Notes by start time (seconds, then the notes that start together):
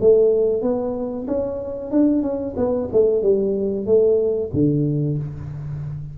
0.00 A3
0.62 B3
1.27 C#4
1.91 D4
2.22 C#4
2.57 B3
2.92 A3
3.22 G3
3.86 A3
4.53 D3